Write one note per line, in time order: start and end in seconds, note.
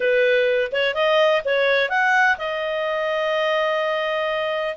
0.00 0.71 B4
0.72 0.94 C#5
0.94 1.42 D#5
1.44 1.89 C#5
1.89 2.37 F#5
2.38 4.76 D#5